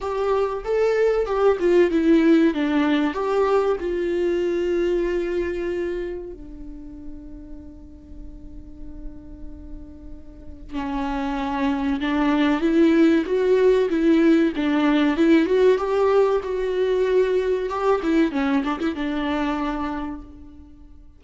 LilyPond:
\new Staff \with { instrumentName = "viola" } { \time 4/4 \tempo 4 = 95 g'4 a'4 g'8 f'8 e'4 | d'4 g'4 f'2~ | f'2 d'2~ | d'1~ |
d'4 cis'2 d'4 | e'4 fis'4 e'4 d'4 | e'8 fis'8 g'4 fis'2 | g'8 e'8 cis'8 d'16 e'16 d'2 | }